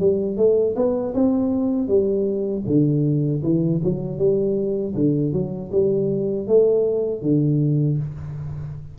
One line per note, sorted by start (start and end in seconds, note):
0.00 0.37 G3
0.37 0.75 A3
0.76 1.14 B3
1.14 1.88 C4
1.88 2.64 G3
2.67 3.42 D3
3.43 3.81 E3
3.84 4.18 F#3
4.18 4.94 G3
4.95 5.33 D3
5.33 5.71 F#3
5.72 6.48 G3
6.48 7.22 A3
7.22 7.98 D3